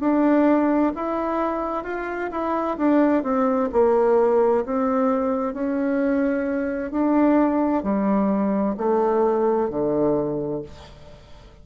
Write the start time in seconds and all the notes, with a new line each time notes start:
0.00 D4
0.96 E4
1.84 F4
2.31 E4
2.78 D4
3.23 C4
3.73 A#3
4.65 C4
5.54 C#4
6.91 D4
7.83 G3
8.77 A3
9.70 D3